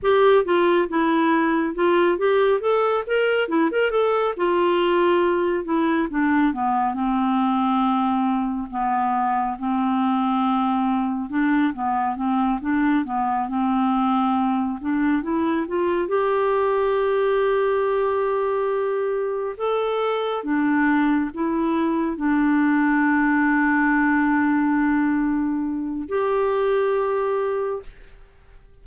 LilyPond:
\new Staff \with { instrumentName = "clarinet" } { \time 4/4 \tempo 4 = 69 g'8 f'8 e'4 f'8 g'8 a'8 ais'8 | e'16 ais'16 a'8 f'4. e'8 d'8 b8 | c'2 b4 c'4~ | c'4 d'8 b8 c'8 d'8 b8 c'8~ |
c'4 d'8 e'8 f'8 g'4.~ | g'2~ g'8 a'4 d'8~ | d'8 e'4 d'2~ d'8~ | d'2 g'2 | }